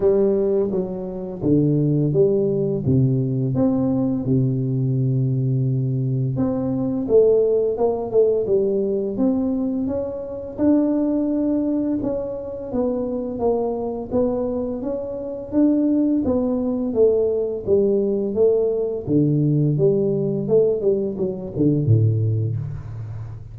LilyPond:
\new Staff \with { instrumentName = "tuba" } { \time 4/4 \tempo 4 = 85 g4 fis4 d4 g4 | c4 c'4 c2~ | c4 c'4 a4 ais8 a8 | g4 c'4 cis'4 d'4~ |
d'4 cis'4 b4 ais4 | b4 cis'4 d'4 b4 | a4 g4 a4 d4 | g4 a8 g8 fis8 d8 a,4 | }